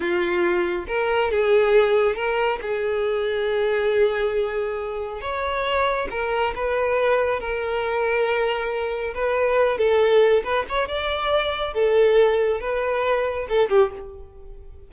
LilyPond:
\new Staff \with { instrumentName = "violin" } { \time 4/4 \tempo 4 = 138 f'2 ais'4 gis'4~ | gis'4 ais'4 gis'2~ | gis'1 | cis''2 ais'4 b'4~ |
b'4 ais'2.~ | ais'4 b'4. a'4. | b'8 cis''8 d''2 a'4~ | a'4 b'2 a'8 g'8 | }